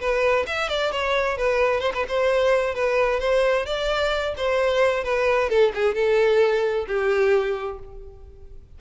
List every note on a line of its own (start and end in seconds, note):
0.00 0.46 B4
0.46 0.69 E5
0.69 0.91 D5
0.91 1.37 C#5
1.37 1.80 B4
1.80 1.92 C5
1.94 2.05 B4
2.08 2.74 C5
2.74 3.20 B4
3.20 3.65 C5
3.66 4.34 D5
4.37 5.04 C5
5.04 5.49 B4
5.49 5.72 A4
5.75 5.94 G#4
5.94 6.86 A4
6.87 7.79 G4